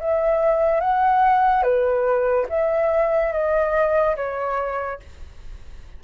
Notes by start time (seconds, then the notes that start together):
0.00 E5
0.80 F#5
1.63 B4
2.49 E5
3.33 D#5
4.16 C#5